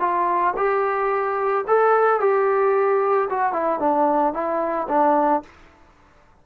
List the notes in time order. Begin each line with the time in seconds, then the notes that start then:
0.00 F4
0.57 G4
1.68 A4
2.20 G4
3.30 F#4
3.53 E4
3.80 D4
4.33 E4
4.89 D4